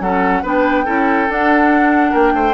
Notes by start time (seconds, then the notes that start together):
0.00 F#3 C#4 A4 F#5
0.42 B3 D4 B4 G5
0.84 C#4 E4 A4
1.28 D4 F#5
2.11 A#3 A#4 G5
2.33 A3 C5